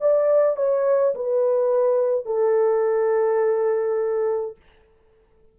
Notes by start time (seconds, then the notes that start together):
0.00 D5
0.56 C#5
1.15 B4
2.26 A4